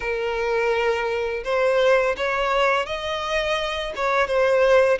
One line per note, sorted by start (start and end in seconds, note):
0.00 1.43 A#4
1.44 2.15 C5
2.16 2.86 C#5
2.86 3.93 D#5
3.95 4.27 C#5
4.27 4.98 C5